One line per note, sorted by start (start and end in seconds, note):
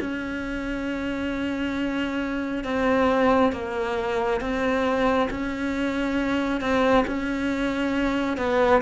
0.00 2.64 C#4
2.64 3.52 C4
3.52 4.40 A#3
4.40 5.29 C4
5.30 6.61 C#4
6.61 7.05 C4
7.07 8.37 C#4
8.37 8.81 B3